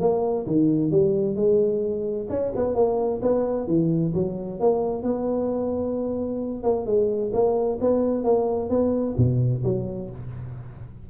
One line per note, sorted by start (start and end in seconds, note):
0.00 0.46 A#3
0.46 0.91 D#3
0.91 1.36 G3
1.36 2.27 G#3
2.29 2.52 C#4
2.56 2.75 B3
2.75 3.21 A#3
3.22 3.67 B3
3.67 4.13 E3
4.14 4.60 F#3
4.60 5.03 A#3
5.03 6.63 B3
6.63 6.86 A#3
6.86 7.32 G#3
7.33 7.79 A#3
7.81 8.24 B3
8.24 8.70 A#3
8.70 9.16 B3
9.17 9.63 B2
9.64 10.10 F#3